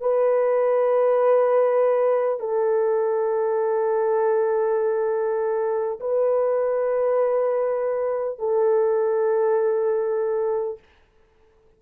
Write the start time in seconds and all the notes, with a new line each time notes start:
0.00 B4
2.39 A4
6.00 B4
8.38 A4